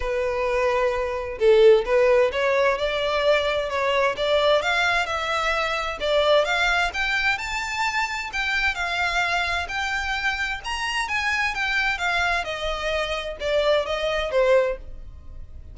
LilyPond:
\new Staff \with { instrumentName = "violin" } { \time 4/4 \tempo 4 = 130 b'2. a'4 | b'4 cis''4 d''2 | cis''4 d''4 f''4 e''4~ | e''4 d''4 f''4 g''4 |
a''2 g''4 f''4~ | f''4 g''2 ais''4 | gis''4 g''4 f''4 dis''4~ | dis''4 d''4 dis''4 c''4 | }